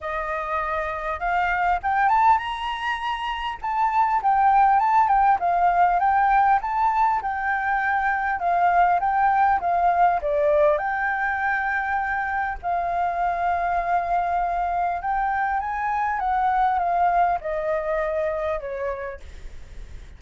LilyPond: \new Staff \with { instrumentName = "flute" } { \time 4/4 \tempo 4 = 100 dis''2 f''4 g''8 a''8 | ais''2 a''4 g''4 | a''8 g''8 f''4 g''4 a''4 | g''2 f''4 g''4 |
f''4 d''4 g''2~ | g''4 f''2.~ | f''4 g''4 gis''4 fis''4 | f''4 dis''2 cis''4 | }